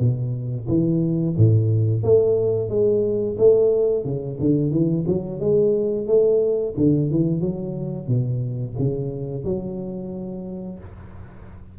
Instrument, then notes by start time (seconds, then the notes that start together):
tuba
0.00 B2
0.69 E3
1.38 A2
2.04 A3
2.70 G#3
3.39 A3
4.05 C#3
4.40 D3
4.72 E3
5.07 F#3
5.41 G#3
6.08 A3
6.78 D3
7.11 E3
7.41 F#3
8.08 B2
8.79 C#3
9.45 F#3